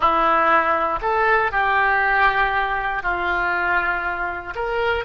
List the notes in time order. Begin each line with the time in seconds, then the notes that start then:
0.00 E4
1.01 A4
1.51 G4
3.02 F4
4.55 A#4